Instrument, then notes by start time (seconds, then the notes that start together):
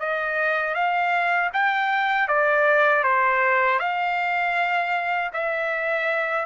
trumpet
0.00 D#5
0.75 F5
1.53 G5
2.28 D5
3.04 C5
3.79 F5
5.34 E5